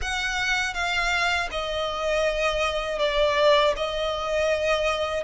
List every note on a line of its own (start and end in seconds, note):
0.01 0.74 F#5
0.74 1.49 F5
1.51 2.98 D#5
2.98 3.73 D5
3.76 5.23 D#5